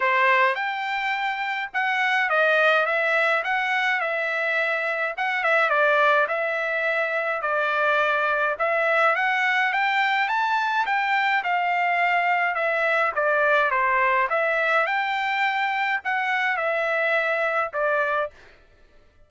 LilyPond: \new Staff \with { instrumentName = "trumpet" } { \time 4/4 \tempo 4 = 105 c''4 g''2 fis''4 | dis''4 e''4 fis''4 e''4~ | e''4 fis''8 e''8 d''4 e''4~ | e''4 d''2 e''4 |
fis''4 g''4 a''4 g''4 | f''2 e''4 d''4 | c''4 e''4 g''2 | fis''4 e''2 d''4 | }